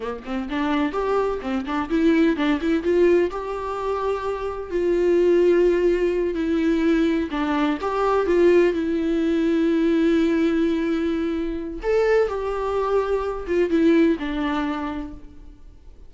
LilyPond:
\new Staff \with { instrumentName = "viola" } { \time 4/4 \tempo 4 = 127 ais8 c'8 d'4 g'4 c'8 d'8 | e'4 d'8 e'8 f'4 g'4~ | g'2 f'2~ | f'4. e'2 d'8~ |
d'8 g'4 f'4 e'4.~ | e'1~ | e'4 a'4 g'2~ | g'8 f'8 e'4 d'2 | }